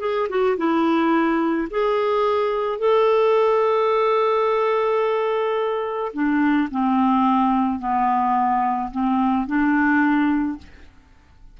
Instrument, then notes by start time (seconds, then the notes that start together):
clarinet
0.00 G#4
0.29 F#4
0.57 E4
1.70 G#4
2.79 A4
6.13 D4
6.71 C4
7.79 B3
8.91 C4
9.47 D4